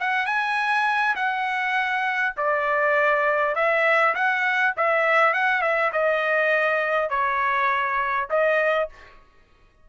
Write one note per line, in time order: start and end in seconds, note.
0.00 0.26 F#5
0.26 1.15 G#5
1.16 2.35 F#5
2.37 3.55 D5
3.55 4.14 E5
4.15 4.74 F#5
4.77 5.34 E5
5.34 5.61 F#5
5.61 5.91 E5
5.92 7.10 D#5
7.10 8.28 C#5
8.30 8.89 D#5